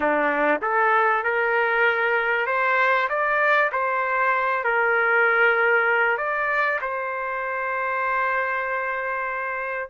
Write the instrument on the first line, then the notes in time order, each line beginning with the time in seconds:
trumpet
0.00 D4
0.61 A4
1.23 A#4
2.46 C5
3.09 D5
3.71 C5
4.64 A#4
6.17 D5
6.81 C5